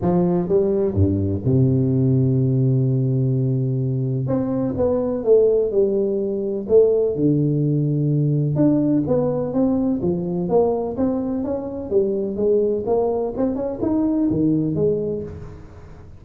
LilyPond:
\new Staff \with { instrumentName = "tuba" } { \time 4/4 \tempo 4 = 126 f4 g4 g,4 c4~ | c1~ | c4 c'4 b4 a4 | g2 a4 d4~ |
d2 d'4 b4 | c'4 f4 ais4 c'4 | cis'4 g4 gis4 ais4 | c'8 cis'8 dis'4 dis4 gis4 | }